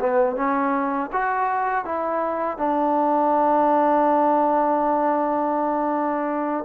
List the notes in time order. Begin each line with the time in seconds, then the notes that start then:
0.00 B3
0.36 C#4
1.12 F#4
1.85 E4
2.58 D4